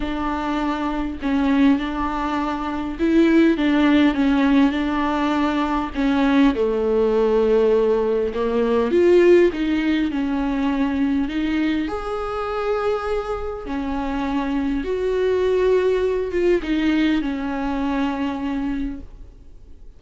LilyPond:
\new Staff \with { instrumentName = "viola" } { \time 4/4 \tempo 4 = 101 d'2 cis'4 d'4~ | d'4 e'4 d'4 cis'4 | d'2 cis'4 a4~ | a2 ais4 f'4 |
dis'4 cis'2 dis'4 | gis'2. cis'4~ | cis'4 fis'2~ fis'8 f'8 | dis'4 cis'2. | }